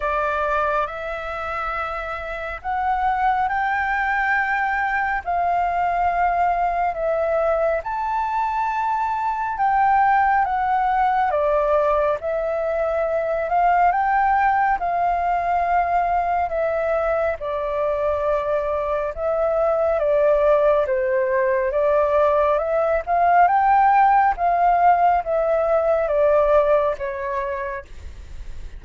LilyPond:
\new Staff \with { instrumentName = "flute" } { \time 4/4 \tempo 4 = 69 d''4 e''2 fis''4 | g''2 f''2 | e''4 a''2 g''4 | fis''4 d''4 e''4. f''8 |
g''4 f''2 e''4 | d''2 e''4 d''4 | c''4 d''4 e''8 f''8 g''4 | f''4 e''4 d''4 cis''4 | }